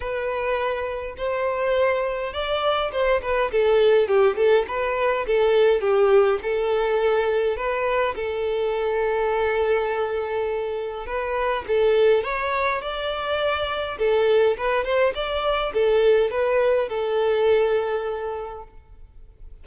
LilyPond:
\new Staff \with { instrumentName = "violin" } { \time 4/4 \tempo 4 = 103 b'2 c''2 | d''4 c''8 b'8 a'4 g'8 a'8 | b'4 a'4 g'4 a'4~ | a'4 b'4 a'2~ |
a'2. b'4 | a'4 cis''4 d''2 | a'4 b'8 c''8 d''4 a'4 | b'4 a'2. | }